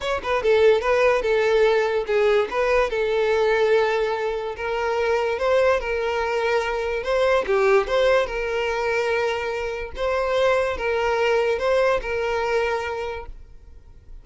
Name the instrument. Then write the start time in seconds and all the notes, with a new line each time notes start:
violin
0.00 C#5
0.22 B4
0.43 A4
0.81 B4
1.22 A4
2.07 G#4
2.50 B4
2.90 A4
4.56 A#4
5.38 C5
5.79 A#4
7.03 C5
7.46 G4
7.87 C5
8.26 A#4
9.96 C5
10.77 A#4
11.58 C5
12.01 A#4